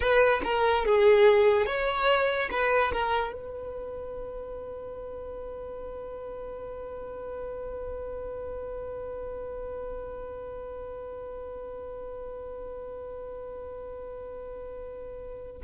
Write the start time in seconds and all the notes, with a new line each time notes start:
0.00 B4
0.44 A#4
0.85 G#4
1.66 C#5
2.50 B4
2.92 A#4
3.32 B4